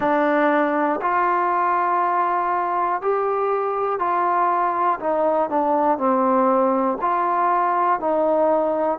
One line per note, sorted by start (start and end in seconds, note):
0.00 1.00 D4
1.01 3.01 F4
3.01 3.99 G4
3.99 4.99 F4
5.00 5.50 D#4
5.50 5.97 D4
5.97 6.97 C4
7.01 8.00 F4
8.00 8.98 D#4